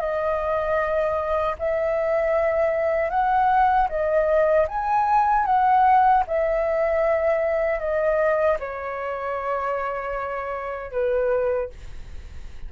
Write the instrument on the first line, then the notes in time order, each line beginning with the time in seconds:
flute
0.00 D#5
1.59 E5
3.10 F#5
3.89 D#5
4.68 G#5
5.46 F#5
6.27 E5
7.80 D#5
8.60 C#5
10.92 B4